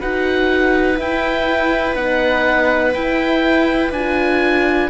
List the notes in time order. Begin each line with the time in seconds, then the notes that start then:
0.00 D#4 F#4 B4 F#5
0.96 E4 G5
1.95 B3 D#4 F#5
2.94 E4 G5
3.92 D4 F4 G#5